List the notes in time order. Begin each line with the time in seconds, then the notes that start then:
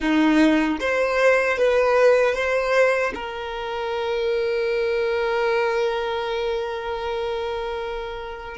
0.00 D#4
0.80 C5
1.58 B4
2.34 C5
3.14 A#4